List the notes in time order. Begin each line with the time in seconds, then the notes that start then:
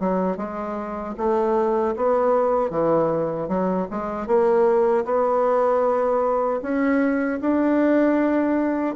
0.00 F#3
0.37 G#3
1.17 A3
1.97 B3
2.71 E3
3.49 F#3
3.91 G#3
4.27 A#3
5.05 B3
6.62 C#4
7.41 D4